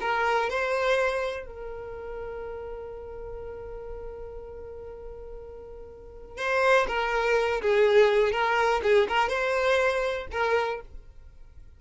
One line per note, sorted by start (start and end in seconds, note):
0.00 0.49 A#4
0.49 1.46 C5
1.46 6.37 A#4
6.37 6.86 C5
6.87 7.61 A#4
7.61 8.32 G#4
8.32 8.81 A#4
8.82 9.07 G#4
9.08 9.28 A#4
9.28 10.27 C5
10.31 10.80 A#4